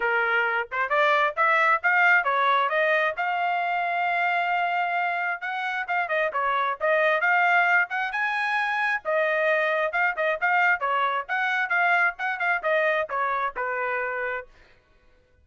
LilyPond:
\new Staff \with { instrumentName = "trumpet" } { \time 4/4 \tempo 4 = 133 ais'4. c''8 d''4 e''4 | f''4 cis''4 dis''4 f''4~ | f''1 | fis''4 f''8 dis''8 cis''4 dis''4 |
f''4. fis''8 gis''2 | dis''2 f''8 dis''8 f''4 | cis''4 fis''4 f''4 fis''8 f''8 | dis''4 cis''4 b'2 | }